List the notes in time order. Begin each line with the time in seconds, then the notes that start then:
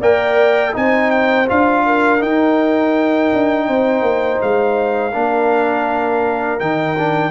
0.00 A#3 A#4 D5 G5
0.73 C4 D#4 C5 G#5
1.11 G5
1.47 D4 F4 F5
1.85 A#4
2.19 D#4 G5
3.33 D4
3.67 C4 C5
4.02 A#3
4.41 G#3 F5
5.13 A#3 D4 A#4
6.59 D#3 D#4 G5
6.98 D4